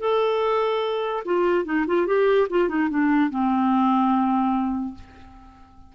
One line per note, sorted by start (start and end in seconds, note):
0.00 1.23 A4
1.25 1.65 F4
1.65 1.85 D#4
1.87 2.07 F4
2.07 2.48 G4
2.50 2.68 F4
2.68 2.89 D#4
2.90 3.30 D4
3.30 4.95 C4